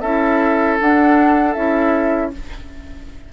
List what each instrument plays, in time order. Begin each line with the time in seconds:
0.00 bassoon C#4, clarinet E4, oboe A4, flute E5
0.80 clarinet D4, bassoon D4, flute F#5
1.53 bassoon C#4, clarinet E4, flute E5